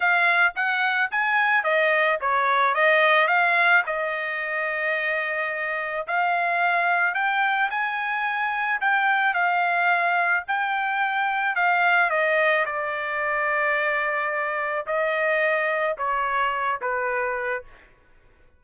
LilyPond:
\new Staff \with { instrumentName = "trumpet" } { \time 4/4 \tempo 4 = 109 f''4 fis''4 gis''4 dis''4 | cis''4 dis''4 f''4 dis''4~ | dis''2. f''4~ | f''4 g''4 gis''2 |
g''4 f''2 g''4~ | g''4 f''4 dis''4 d''4~ | d''2. dis''4~ | dis''4 cis''4. b'4. | }